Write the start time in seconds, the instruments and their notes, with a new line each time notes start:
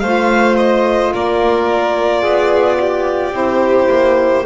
0.00 double bass A3, saxophone F4, violin C5 F5
0.58 violin D#5
1.14 double bass A#3, violin A#4 D5
2.22 double bass B3, violin G#4
2.80 violin G4
3.32 double bass C4, saxophone E4, violin C5
3.90 double bass A#3